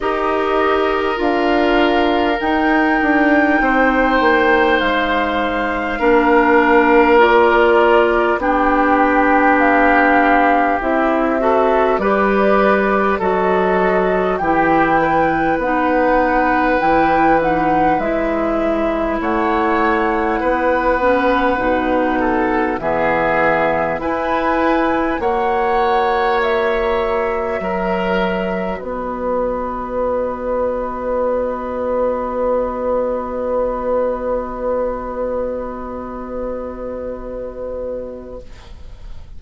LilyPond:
<<
  \new Staff \with { instrumentName = "flute" } { \time 4/4 \tempo 4 = 50 dis''4 f''4 g''2 | f''2 d''4 g''4 | f''4 e''4 d''4 dis''4 | g''4 fis''4 g''8 fis''8 e''4 |
fis''2. e''4 | gis''4 fis''4 e''2 | dis''1~ | dis''1 | }
  \new Staff \with { instrumentName = "oboe" } { \time 4/4 ais'2. c''4~ | c''4 ais'2 g'4~ | g'4. a'8 b'4 a'4 | g'8 b'2.~ b'8 |
cis''4 b'4. a'8 gis'4 | b'4 cis''2 ais'4 | b'1~ | b'1 | }
  \new Staff \with { instrumentName = "clarinet" } { \time 4/4 g'4 f'4 dis'2~ | dis'4 d'4 f'4 d'4~ | d'4 e'8 fis'8 g'4 fis'4 | e'4 dis'4 e'8 dis'8 e'4~ |
e'4. cis'8 dis'4 b4 | e'4 fis'2.~ | fis'1~ | fis'1 | }
  \new Staff \with { instrumentName = "bassoon" } { \time 4/4 dis'4 d'4 dis'8 d'8 c'8 ais8 | gis4 ais2 b4~ | b4 c'4 g4 fis4 | e4 b4 e4 gis4 |
a4 b4 b,4 e4 | e'4 ais2 fis4 | b1~ | b1 | }
>>